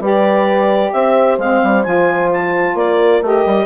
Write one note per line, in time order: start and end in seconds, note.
0.00 0.92 G3
0.00 1.39 G4
0.00 0.92 B4
0.00 0.93 D5
0.93 1.38 C4
0.93 2.78 C5
0.93 1.39 E5
1.38 1.61 G#3
1.38 1.85 C4
1.38 1.83 F5
1.63 1.86 G3
1.83 2.74 F3
1.83 3.22 F4
1.83 2.29 G#5
2.33 2.77 A5
2.74 3.20 A#3
2.74 3.66 A#4
2.74 3.23 D5
3.22 3.45 A3
3.22 3.66 G4
3.22 3.66 D#5
3.46 3.66 G3